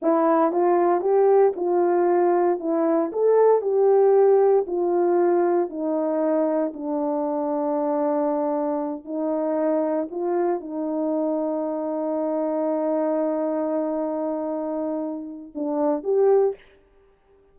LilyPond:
\new Staff \with { instrumentName = "horn" } { \time 4/4 \tempo 4 = 116 e'4 f'4 g'4 f'4~ | f'4 e'4 a'4 g'4~ | g'4 f'2 dis'4~ | dis'4 d'2.~ |
d'4. dis'2 f'8~ | f'8 dis'2.~ dis'8~ | dis'1~ | dis'2 d'4 g'4 | }